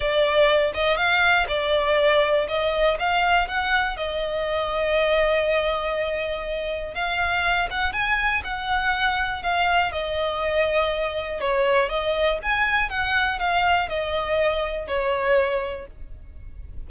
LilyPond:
\new Staff \with { instrumentName = "violin" } { \time 4/4 \tempo 4 = 121 d''4. dis''8 f''4 d''4~ | d''4 dis''4 f''4 fis''4 | dis''1~ | dis''2 f''4. fis''8 |
gis''4 fis''2 f''4 | dis''2. cis''4 | dis''4 gis''4 fis''4 f''4 | dis''2 cis''2 | }